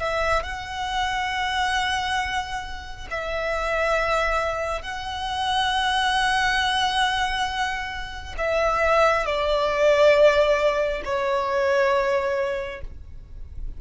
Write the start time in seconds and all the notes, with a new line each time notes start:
0.00 E5
0.43 F#5
3.11 E5
4.82 F#5
8.38 E5
9.26 D5
11.05 C#5